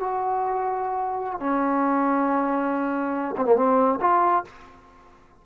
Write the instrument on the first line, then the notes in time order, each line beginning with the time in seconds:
trombone
0.00 F#4
1.40 C#4
3.37 C4
3.45 A#3
3.56 C4
4.01 F4